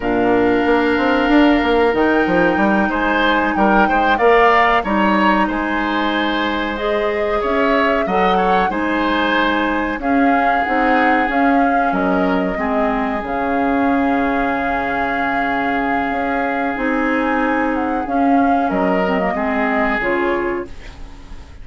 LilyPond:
<<
  \new Staff \with { instrumentName = "flute" } { \time 4/4 \tempo 4 = 93 f''2. g''4~ | g''8 gis''4 g''4 f''4 ais''8~ | ais''8 gis''2 dis''4 e''8~ | e''8 fis''4 gis''2 f''8~ |
f''8 fis''4 f''4 dis''4.~ | dis''8 f''2.~ f''8~ | f''2 gis''4. fis''8 | f''4 dis''2 cis''4 | }
  \new Staff \with { instrumentName = "oboe" } { \time 4/4 ais'1~ | ais'8 c''4 ais'8 c''8 d''4 cis''8~ | cis''8 c''2. cis''8~ | cis''8 dis''8 cis''8 c''2 gis'8~ |
gis'2~ gis'8 ais'4 gis'8~ | gis'1~ | gis'1~ | gis'4 ais'4 gis'2 | }
  \new Staff \with { instrumentName = "clarinet" } { \time 4/4 d'2. dis'4~ | dis'2~ dis'8 ais'4 dis'8~ | dis'2~ dis'8 gis'4.~ | gis'8 a'4 dis'2 cis'8~ |
cis'8 dis'4 cis'2 c'8~ | c'8 cis'2.~ cis'8~ | cis'2 dis'2 | cis'4. c'16 ais16 c'4 f'4 | }
  \new Staff \with { instrumentName = "bassoon" } { \time 4/4 ais,4 ais8 c'8 d'8 ais8 dis8 f8 | g8 gis4 g8 gis8 ais4 g8~ | g8 gis2. cis'8~ | cis'8 fis4 gis2 cis'8~ |
cis'8 c'4 cis'4 fis4 gis8~ | gis8 cis2.~ cis8~ | cis4 cis'4 c'2 | cis'4 fis4 gis4 cis4 | }
>>